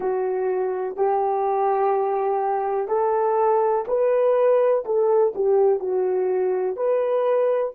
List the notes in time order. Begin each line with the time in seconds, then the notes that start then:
0.00 F#4
0.96 G4
2.88 A4
3.87 B4
4.85 A4
5.34 G4
5.79 F#4
6.76 B4